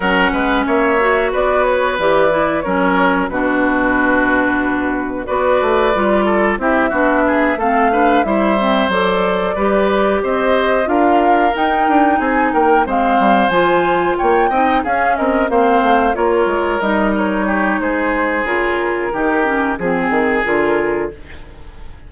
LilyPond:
<<
  \new Staff \with { instrumentName = "flute" } { \time 4/4 \tempo 4 = 91 fis''4 e''4 d''8 cis''8 d''4 | cis''4 b'2. | d''2 e''4. f''8~ | f''8 e''4 d''2 dis''8~ |
dis''8 f''4 g''4 gis''8 g''8 f''8~ | f''8 gis''4 g''4 f''8 dis''8 f''8~ | f''8 cis''4 dis''8 cis''4 c''4 | ais'2 gis'4 ais'4 | }
  \new Staff \with { instrumentName = "oboe" } { \time 4/4 ais'8 b'8 cis''4 b'2 | ais'4 fis'2. | b'4. a'8 g'8 fis'8 gis'8 a'8 | b'8 c''2 b'4 c''8~ |
c''8 ais'2 gis'8 ais'8 c''8~ | c''4. cis''8 dis''8 gis'8 ais'8 c''8~ | c''8 ais'2 g'8 gis'4~ | gis'4 g'4 gis'2 | }
  \new Staff \with { instrumentName = "clarinet" } { \time 4/4 cis'4. fis'4. g'8 e'8 | cis'4 d'2. | fis'4 f'4 e'8 d'4 c'8 | d'8 e'8 c'8 a'4 g'4.~ |
g'8 f'4 dis'2 c'8~ | c'8 f'4. dis'8 cis'4 c'8~ | c'8 f'4 dis'2~ dis'8 | f'4 dis'8 cis'8 c'4 f'4 | }
  \new Staff \with { instrumentName = "bassoon" } { \time 4/4 fis8 gis8 ais4 b4 e4 | fis4 b,2. | b8 a8 g4 c'8 b4 a8~ | a8 g4 fis4 g4 c'8~ |
c'8 d'4 dis'8 d'8 c'8 ais8 gis8 | g8 f4 ais8 c'8 cis'8 c'8 ais8 | a8 ais8 gis8 g4. gis4 | cis4 dis4 f8 dis8 d4 | }
>>